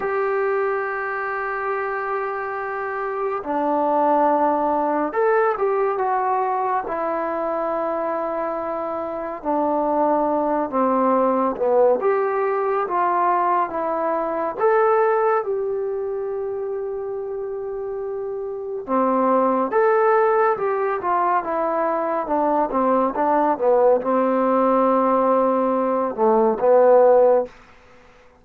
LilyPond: \new Staff \with { instrumentName = "trombone" } { \time 4/4 \tempo 4 = 70 g'1 | d'2 a'8 g'8 fis'4 | e'2. d'4~ | d'8 c'4 b8 g'4 f'4 |
e'4 a'4 g'2~ | g'2 c'4 a'4 | g'8 f'8 e'4 d'8 c'8 d'8 b8 | c'2~ c'8 a8 b4 | }